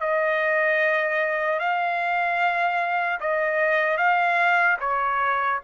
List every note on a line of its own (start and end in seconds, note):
0.00 1.59 D#5
1.59 3.19 F5
3.20 3.97 D#5
3.97 4.77 F5
4.80 5.60 C#5